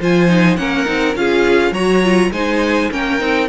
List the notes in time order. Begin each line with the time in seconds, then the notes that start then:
0.00 F3 F4 C5 G#5
0.29 D#4
0.57 A#3 C#4 A#4 F#5
0.85 C4 D#4
1.15 C#4 F4 G#4 F5
1.72 F#3 F#4 C#5 A#5
2.03 F4
2.32 G#3 D#4 C5 G#5
2.91 A#3 C#4 A#4 G5
3.19 C4 D#4